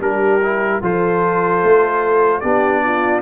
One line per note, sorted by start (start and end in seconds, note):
0.00 0.80 G3
0.00 0.41 D4
0.00 0.82 G4
0.00 0.82 A#4
0.43 0.83 E4
0.82 1.62 F3
0.82 2.43 F4
0.82 2.42 A4
0.82 2.41 C5
1.63 2.43 A3
2.41 3.22 B3
2.41 3.22 D4
2.41 2.82 G4
2.41 3.21 D5
2.84 3.22 F4